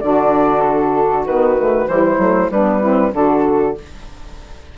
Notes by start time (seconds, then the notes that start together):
0.00 D3 D4 F#4 D5
0.61 A4
1.26 D#3 B3 B4
1.58 A3
1.88 E3 G3 E4 C5
2.18 F#3 A3
2.51 G3 B3 D4 B4
2.81 C4 E4
3.12 D3 D4 F#4 A4